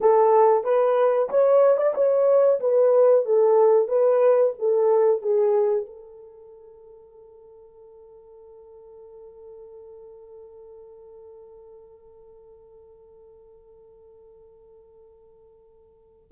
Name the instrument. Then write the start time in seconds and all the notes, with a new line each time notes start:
horn
0.00 A4
0.64 B4
1.29 C#5
1.77 D5
1.94 C#5
2.60 B4
3.25 A4
3.88 B4
4.58 A4
5.22 G#4
5.86 A4